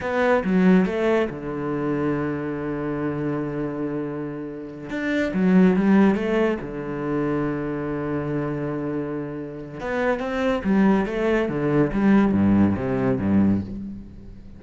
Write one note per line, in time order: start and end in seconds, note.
0.00 0.43 B3
0.44 0.85 F#3
0.85 1.28 A3
1.30 4.89 D3
4.89 5.32 D4
5.33 5.76 F#3
5.76 6.15 G3
6.15 6.57 A3
6.61 9.80 D3
9.80 10.19 B3
10.19 10.62 C4
10.64 11.06 G3
11.06 11.48 A3
11.49 11.91 D3
11.92 12.32 G3
12.32 12.75 G2
12.75 13.18 C3
13.18 13.61 G2